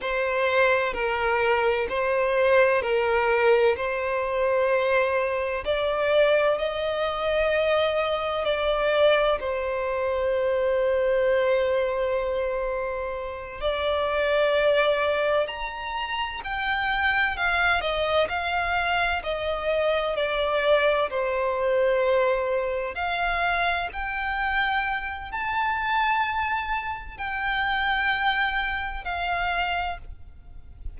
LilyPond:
\new Staff \with { instrumentName = "violin" } { \time 4/4 \tempo 4 = 64 c''4 ais'4 c''4 ais'4 | c''2 d''4 dis''4~ | dis''4 d''4 c''2~ | c''2~ c''8 d''4.~ |
d''8 ais''4 g''4 f''8 dis''8 f''8~ | f''8 dis''4 d''4 c''4.~ | c''8 f''4 g''4. a''4~ | a''4 g''2 f''4 | }